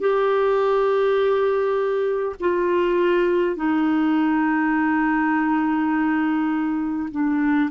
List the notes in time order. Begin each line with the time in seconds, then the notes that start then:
0.00 G4
2.40 F4
3.56 D#4
7.11 D4